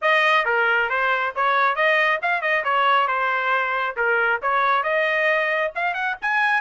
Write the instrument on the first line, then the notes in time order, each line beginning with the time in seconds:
trumpet
0.01 D#5
0.45 A#4
0.89 C5
1.35 C#5
1.75 D#5
2.22 F5
2.41 D#5
2.64 C#5
3.07 C5
3.96 A#4
4.42 C#5
4.83 D#5
5.75 F5
5.94 F#5
6.21 G#5